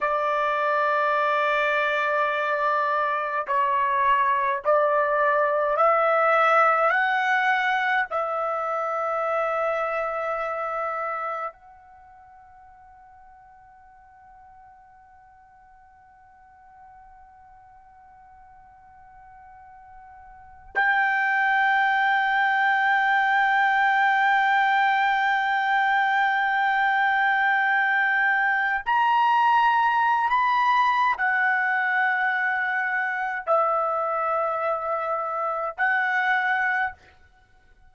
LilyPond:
\new Staff \with { instrumentName = "trumpet" } { \time 4/4 \tempo 4 = 52 d''2. cis''4 | d''4 e''4 fis''4 e''4~ | e''2 fis''2~ | fis''1~ |
fis''2 g''2~ | g''1~ | g''4 ais''4~ ais''16 b''8. fis''4~ | fis''4 e''2 fis''4 | }